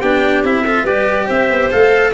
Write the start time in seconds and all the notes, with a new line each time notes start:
0.00 B3 D4 G4 G5
0.44 C4 E4 E5
0.65 F4 A4
0.84 G3 G4 B4 D5
1.26 C4 C5 E5
1.51 B3
1.71 A3 A4 F5